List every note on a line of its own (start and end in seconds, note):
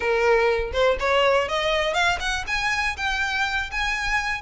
0.00 0.71 A#4
0.72 0.97 C5
0.99 1.48 C#5
1.48 1.93 D#5
1.93 2.18 F5
2.20 2.44 F#5
2.47 2.96 G#5
2.96 3.70 G5
3.71 4.42 G#5